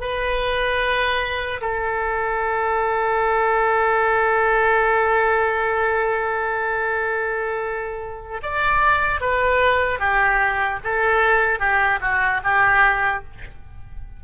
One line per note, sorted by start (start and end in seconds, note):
0.00 1.60 B4
1.61 8.41 A4
8.42 9.20 D5
9.20 9.99 B4
9.99 10.79 G4
10.84 11.59 A4
11.59 11.99 G4
12.01 12.41 F#4
12.44 13.24 G4